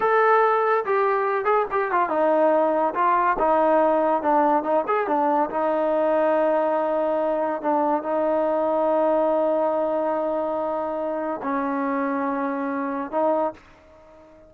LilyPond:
\new Staff \with { instrumentName = "trombone" } { \time 4/4 \tempo 4 = 142 a'2 g'4. gis'8 | g'8 f'8 dis'2 f'4 | dis'2 d'4 dis'8 gis'8 | d'4 dis'2.~ |
dis'2 d'4 dis'4~ | dis'1~ | dis'2. cis'4~ | cis'2. dis'4 | }